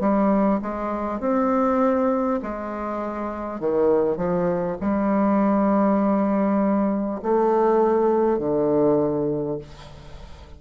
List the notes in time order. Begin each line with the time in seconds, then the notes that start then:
0.00 G3
0.62 G#3
1.21 C4
2.43 G#3
3.61 D#3
4.17 F3
4.81 G3
7.23 A3
8.38 D3